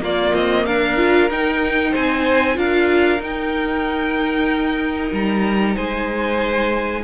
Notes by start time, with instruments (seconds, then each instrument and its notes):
0.00 cello A#3, violin F4 D5
0.06 viola A#3
0.34 cello C4, violin D#5
0.65 cello D4, violin A#4 F5
0.97 viola F4
1.30 cello D#4, viola D#4, violin G5
1.91 cello C4, violin C5 G#5
2.55 cello D4, viola F4, violin A#4 F5
3.19 cello D#4, viola D#4, violin G5
5.12 cello G3, violin A#5
5.75 cello G#3, violin C5 G#5